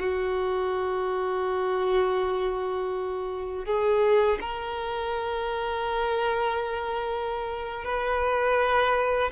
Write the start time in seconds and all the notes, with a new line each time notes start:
0.00 F#4
3.66 G#4
4.41 A#4
7.85 B4